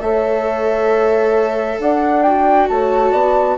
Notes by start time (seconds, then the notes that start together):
0.00 A3 A4 C#5 E5
1.79 D4 D5 F#5
2.23 F#4 G5
2.69 A3 C#5 A5
3.12 B3 D5